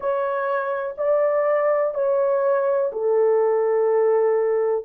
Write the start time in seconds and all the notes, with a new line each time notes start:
0.00 C#5
0.97 D5
1.94 C#5
2.92 A4